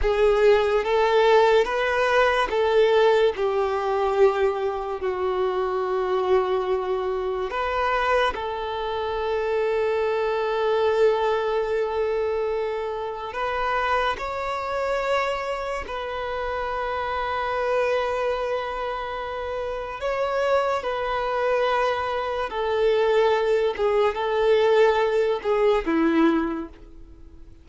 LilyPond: \new Staff \with { instrumentName = "violin" } { \time 4/4 \tempo 4 = 72 gis'4 a'4 b'4 a'4 | g'2 fis'2~ | fis'4 b'4 a'2~ | a'1 |
b'4 cis''2 b'4~ | b'1 | cis''4 b'2 a'4~ | a'8 gis'8 a'4. gis'8 e'4 | }